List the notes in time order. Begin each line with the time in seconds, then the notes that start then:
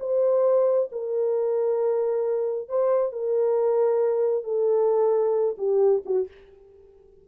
0.00 C5
0.92 A#4
2.69 C5
3.12 A#4
4.44 A4
5.58 G4
6.06 F#4